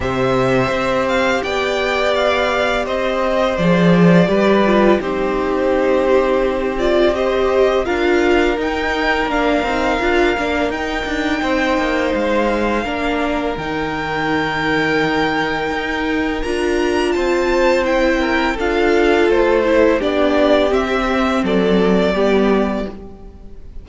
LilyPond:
<<
  \new Staff \with { instrumentName = "violin" } { \time 4/4 \tempo 4 = 84 e''4. f''8 g''4 f''4 | dis''4 d''2 c''4~ | c''4. d''8 dis''4 f''4 | g''4 f''2 g''4~ |
g''4 f''2 g''4~ | g''2. ais''4 | a''4 g''4 f''4 c''4 | d''4 e''4 d''2 | }
  \new Staff \with { instrumentName = "violin" } { \time 4/4 c''2 d''2 | c''2 b'4 g'4~ | g'2 c''4 ais'4~ | ais'1 |
c''2 ais'2~ | ais'1 | c''4. ais'8 a'2 | g'2 a'4 g'4 | }
  \new Staff \with { instrumentName = "viola" } { \time 4/4 g'1~ | g'4 gis'4 g'8 f'8 dis'4~ | dis'4. f'8 g'4 f'4 | dis'4 d'8 dis'8 f'8 d'8 dis'4~ |
dis'2 d'4 dis'4~ | dis'2. f'4~ | f'4 e'4 f'4. e'8 | d'4 c'2 b4 | }
  \new Staff \with { instrumentName = "cello" } { \time 4/4 c4 c'4 b2 | c'4 f4 g4 c'4~ | c'2. d'4 | dis'4 ais8 c'8 d'8 ais8 dis'8 d'8 |
c'8 ais8 gis4 ais4 dis4~ | dis2 dis'4 d'4 | c'2 d'4 a4 | b4 c'4 fis4 g4 | }
>>